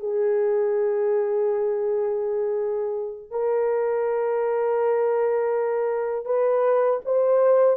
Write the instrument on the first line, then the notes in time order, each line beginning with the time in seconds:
horn
0.00 G#4
3.31 A#4
6.26 B4
7.05 C5